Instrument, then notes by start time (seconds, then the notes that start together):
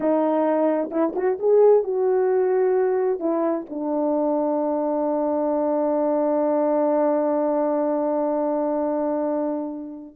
horn
0.00 D#4
0.91 E4
1.15 F#4
1.39 G#4
1.83 F#4
3.19 E4
3.69 D4